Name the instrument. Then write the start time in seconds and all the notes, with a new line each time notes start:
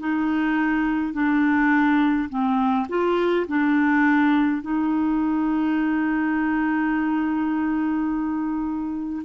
clarinet
0.00 D#4
1.13 D4
2.29 C4
2.89 F4
3.48 D4
4.62 D#4